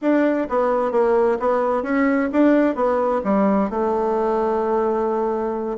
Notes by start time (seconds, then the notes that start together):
0.01 D4
0.49 B3
0.91 A#3
1.39 B3
1.83 C#4
2.32 D4
2.75 B3
3.24 G3
3.69 A3